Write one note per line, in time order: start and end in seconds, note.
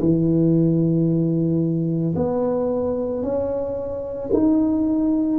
0.00 2.14 E3
2.15 3.22 B3
3.23 4.30 C#4
4.33 5.39 D#4